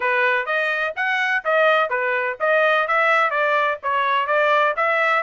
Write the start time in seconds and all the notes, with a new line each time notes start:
0.00 B4
0.45 D#5
0.95 F#5
1.44 D#5
1.89 B4
2.40 D#5
2.87 E5
3.30 D5
3.82 C#5
4.27 D5
4.76 E5